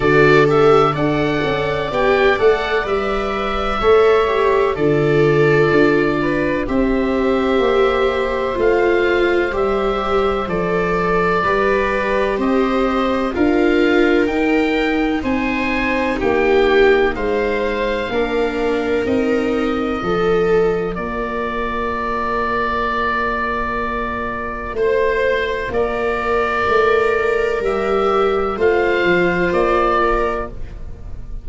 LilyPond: <<
  \new Staff \with { instrumentName = "oboe" } { \time 4/4 \tempo 4 = 63 d''8 e''8 fis''4 g''8 fis''8 e''4~ | e''4 d''2 e''4~ | e''4 f''4 e''4 d''4~ | d''4 dis''4 f''4 g''4 |
gis''4 g''4 f''2 | dis''2 d''2~ | d''2 c''4 d''4~ | d''4 e''4 f''4 d''4 | }
  \new Staff \with { instrumentName = "viola" } { \time 4/4 a'4 d''2. | cis''4 a'4. b'8 c''4~ | c''1 | b'4 c''4 ais'2 |
c''4 g'4 c''4 ais'4~ | ais'4 a'4 ais'2~ | ais'2 c''4 ais'4~ | ais'2 c''4. ais'8 | }
  \new Staff \with { instrumentName = "viola" } { \time 4/4 fis'8 g'8 a'4 g'8 a'8 b'4 | a'8 g'8 f'2 g'4~ | g'4 f'4 g'4 a'4 | g'2 f'4 dis'4~ |
dis'2. d'4 | dis'4 f'2.~ | f'1~ | f'4 g'4 f'2 | }
  \new Staff \with { instrumentName = "tuba" } { \time 4/4 d4 d'8 cis'8 b8 a8 g4 | a4 d4 d'4 c'4 | ais4 a4 g4 f4 | g4 c'4 d'4 dis'4 |
c'4 ais4 gis4 ais4 | c'4 f4 ais2~ | ais2 a4 ais4 | a4 g4 a8 f8 ais4 | }
>>